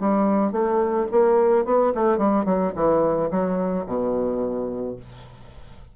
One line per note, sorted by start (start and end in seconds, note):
0.00 0.52 G3
0.52 1.07 A3
1.12 1.65 A#3
1.65 1.93 B3
1.95 2.18 A3
2.18 2.45 G3
2.45 2.73 F#3
2.75 3.31 E3
3.31 3.86 F#3
3.87 4.97 B2